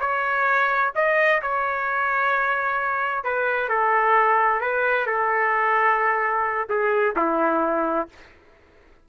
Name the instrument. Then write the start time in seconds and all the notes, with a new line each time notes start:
trumpet
0.00 C#5
0.96 D#5
1.42 C#5
3.25 B4
3.69 A4
4.61 B4
5.07 A4
6.70 G#4
7.16 E4